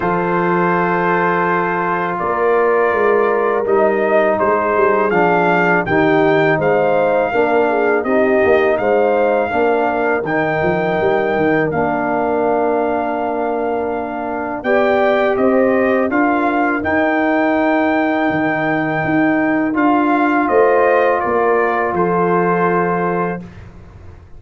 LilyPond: <<
  \new Staff \with { instrumentName = "trumpet" } { \time 4/4 \tempo 4 = 82 c''2. d''4~ | d''4 dis''4 c''4 f''4 | g''4 f''2 dis''4 | f''2 g''2 |
f''1 | g''4 dis''4 f''4 g''4~ | g''2. f''4 | dis''4 d''4 c''2 | }
  \new Staff \with { instrumentName = "horn" } { \time 4/4 a'2. ais'4~ | ais'2 gis'2 | g'4 c''4 ais'8 gis'8 g'4 | c''4 ais'2.~ |
ais'1 | d''4 c''4 ais'2~ | ais'1 | c''4 ais'4 a'2 | }
  \new Staff \with { instrumentName = "trombone" } { \time 4/4 f'1~ | f'4 dis'2 d'4 | dis'2 d'4 dis'4~ | dis'4 d'4 dis'2 |
d'1 | g'2 f'4 dis'4~ | dis'2. f'4~ | f'1 | }
  \new Staff \with { instrumentName = "tuba" } { \time 4/4 f2. ais4 | gis4 g4 gis8 g8 f4 | dis4 gis4 ais4 c'8 ais8 | gis4 ais4 dis8 f8 g8 dis8 |
ais1 | b4 c'4 d'4 dis'4~ | dis'4 dis4 dis'4 d'4 | a4 ais4 f2 | }
>>